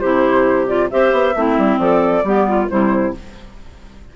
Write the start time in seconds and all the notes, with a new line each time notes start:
0.00 C3 E4 G4 C5
0.68 F4 D5
0.90 C4 G4 C5 E5
1.12 B3
1.36 A3 C4 E4
1.58 G3
1.78 F3 A4 D5
2.24 G3 B3 G4
2.48 F4
2.68 C3 G3 E4 C5